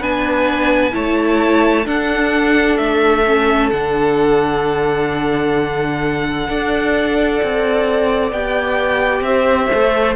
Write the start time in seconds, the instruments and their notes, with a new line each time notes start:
0.00 cello B3, viola D4, violin B4 G#5
0.92 cello A3, viola E4, violin C#5 A5
1.84 viola D4, cello D4, violin A4 F#5
2.77 cello A3, violin E5
3.26 viola C#4
3.70 cello D3, viola D4, violin F#5
6.48 cello D4, viola A4, violin D5
7.43 cello C4
8.32 cello B3, viola G4, violin G5
9.21 cello C4, violin C5 E5
9.72 cello A3, viola A4